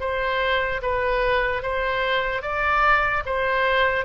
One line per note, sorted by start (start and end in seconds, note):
0.00 0.81 C5
0.82 1.62 B4
1.62 2.42 C5
2.42 3.23 D5
3.25 4.05 C5